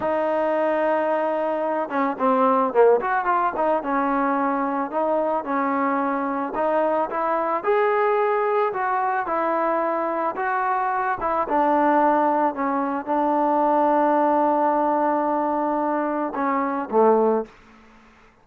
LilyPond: \new Staff \with { instrumentName = "trombone" } { \time 4/4 \tempo 4 = 110 dis'2.~ dis'8 cis'8 | c'4 ais8 fis'8 f'8 dis'8 cis'4~ | cis'4 dis'4 cis'2 | dis'4 e'4 gis'2 |
fis'4 e'2 fis'4~ | fis'8 e'8 d'2 cis'4 | d'1~ | d'2 cis'4 a4 | }